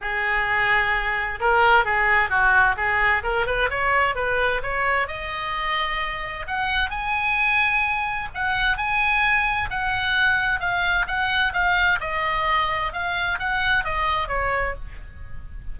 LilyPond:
\new Staff \with { instrumentName = "oboe" } { \time 4/4 \tempo 4 = 130 gis'2. ais'4 | gis'4 fis'4 gis'4 ais'8 b'8 | cis''4 b'4 cis''4 dis''4~ | dis''2 fis''4 gis''4~ |
gis''2 fis''4 gis''4~ | gis''4 fis''2 f''4 | fis''4 f''4 dis''2 | f''4 fis''4 dis''4 cis''4 | }